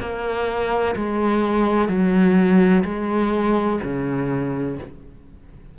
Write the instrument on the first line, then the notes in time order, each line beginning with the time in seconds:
cello
0.00 A#3
0.96 G#3
1.88 F#3
2.85 G#3
3.84 C#3